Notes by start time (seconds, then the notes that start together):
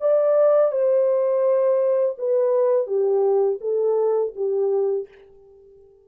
0.00 D5
0.71 C5
2.18 B4
2.87 G4
3.60 A4
4.35 G4